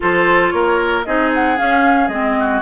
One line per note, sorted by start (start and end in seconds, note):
0.00 0.53 F3
0.00 1.04 F4
0.00 0.54 A4
0.00 0.50 C5
0.50 1.06 A#3
0.50 1.06 A#4
0.50 1.03 C#5
1.04 1.59 C4
1.04 1.57 D#4
1.04 2.37 G#4
1.04 1.31 D#5
1.34 1.58 F#5
1.57 2.09 C#4
1.57 2.08 C#4
1.57 2.08 F5
2.08 2.61 G#3
2.08 2.61 C4
2.08 2.60 D#5
2.39 2.61 F#4